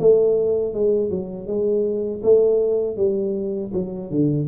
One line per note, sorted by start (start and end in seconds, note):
0.00 0.74 A3
0.74 1.10 G#3
1.10 1.47 F#3
1.47 2.22 G#3
2.23 2.97 A3
2.97 3.72 G3
3.74 4.11 F#3
4.11 4.48 D3